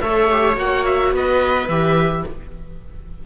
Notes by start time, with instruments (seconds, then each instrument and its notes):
0.00 cello A3, viola A4 C#5, oboe E5
0.31 viola G4
0.54 cello A#3, viola F#4, oboe F#5
0.85 oboe E5
1.12 cello B3, viola B4, oboe D#5
1.67 cello E3, viola G4, oboe E5